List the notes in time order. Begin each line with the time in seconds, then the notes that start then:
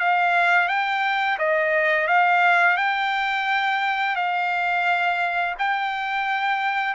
0.00 F5
0.68 G5
1.39 D#5
2.08 F5
2.77 G5
4.16 F5
5.59 G5